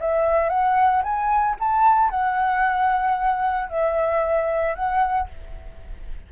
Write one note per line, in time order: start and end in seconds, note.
0.00 0.49 E5
0.49 1.02 F#5
1.03 1.56 G#5
1.59 2.10 A5
2.10 3.69 F#5
3.69 4.75 E5
4.75 5.28 F#5